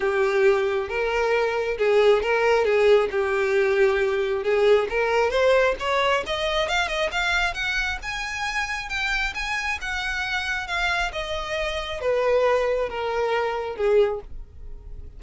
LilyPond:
\new Staff \with { instrumentName = "violin" } { \time 4/4 \tempo 4 = 135 g'2 ais'2 | gis'4 ais'4 gis'4 g'4~ | g'2 gis'4 ais'4 | c''4 cis''4 dis''4 f''8 dis''8 |
f''4 fis''4 gis''2 | g''4 gis''4 fis''2 | f''4 dis''2 b'4~ | b'4 ais'2 gis'4 | }